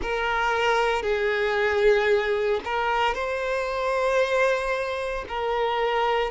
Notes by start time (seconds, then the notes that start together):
0.02 A#4
1.02 G#4
2.64 A#4
3.14 C5
5.28 A#4